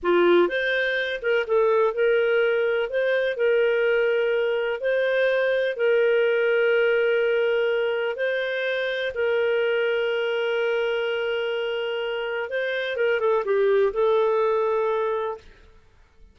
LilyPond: \new Staff \with { instrumentName = "clarinet" } { \time 4/4 \tempo 4 = 125 f'4 c''4. ais'8 a'4 | ais'2 c''4 ais'4~ | ais'2 c''2 | ais'1~ |
ais'4 c''2 ais'4~ | ais'1~ | ais'2 c''4 ais'8 a'8 | g'4 a'2. | }